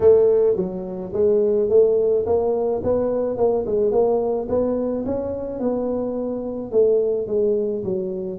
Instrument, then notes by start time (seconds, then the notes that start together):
tuba
0.00 A3
0.56 F#3
1.13 G#3
1.69 A3
2.26 A#3
2.83 B3
3.37 A#3
3.66 G#3
3.91 A#3
4.48 B3
5.05 C#4
5.59 B3
6.71 A3
7.27 G#3
7.84 F#3